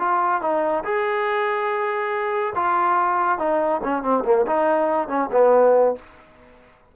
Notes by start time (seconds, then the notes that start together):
0.00 F4
0.42 D#4
0.85 G#4
2.56 F4
3.39 D#4
3.84 C#4
4.03 C4
4.25 A#3
4.47 D#4
5.09 C#4
5.32 B3